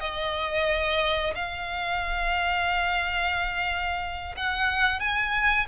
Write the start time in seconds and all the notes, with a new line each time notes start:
0.00 D#5
1.35 F5
4.36 F#5
5.00 G#5